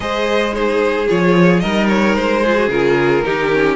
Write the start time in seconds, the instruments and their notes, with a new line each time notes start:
0.00 cello G#3, viola G#4, violin C5 D#5
0.52 viola D#4, violin G#4 C5
1.07 cello F3, viola F4, violin C#5
1.59 cello G3, viola D#4, violin A#4 D#5
1.89 violin C#5
2.15 cello G#3, violin C5
2.43 viola F4, violin G#4
2.56 viola F#4
2.67 cello C#3, viola F4, violin A#4
3.24 cello D#3, viola D#4, violin G4
3.52 viola C#4